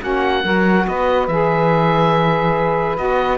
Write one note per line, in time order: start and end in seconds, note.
0.00 0.44 A#3
0.00 0.43 C#4
0.00 0.43 F#4
0.00 0.87 F#5
0.43 0.86 F#3
0.43 1.28 F#4
0.43 0.86 A#4
0.87 1.27 B3
0.87 3.38 B4
0.87 1.27 D#5
1.27 2.97 E3
1.27 2.96 G#4
1.27 2.97 E5
2.96 3.38 B3
2.96 3.38 F#4
2.96 3.38 D#5